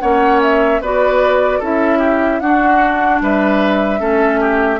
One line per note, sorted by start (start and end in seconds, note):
0.00 0.80 A#3
0.00 0.81 C#4
0.00 0.81 C#5
0.00 0.40 F#5
0.42 0.82 E5
0.80 1.60 B3
0.80 1.62 F#4
0.80 1.59 B4
0.80 1.63 D5
1.59 2.40 C#4
1.59 2.42 E4
1.59 1.99 A4
1.59 2.40 E5
1.99 2.39 G4
2.40 3.20 D4
2.40 3.99 D4
2.40 3.22 F#4
2.40 3.20 F#5
3.21 4.00 G3
3.21 4.00 B4
3.21 4.80 E5
3.99 4.80 A3
3.99 4.79 C#4
3.99 4.40 A4
4.40 4.80 G4